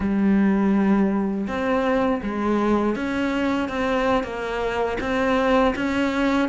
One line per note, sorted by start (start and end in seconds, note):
0.00 1.46 G3
1.47 2.21 C4
2.23 2.95 G#3
2.95 3.68 C#4
3.68 4.23 C4
4.23 4.97 A#3
5.00 5.74 C4
5.75 6.48 C#4